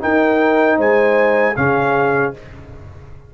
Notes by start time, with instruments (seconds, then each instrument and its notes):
0.00 trombone D#4, tuba D#4, horn A#4, trumpet G5
0.77 tuba G#3, horn C5, trumpet G#5
1.56 tuba C#3, trombone C#4, horn G#4, trumpet F5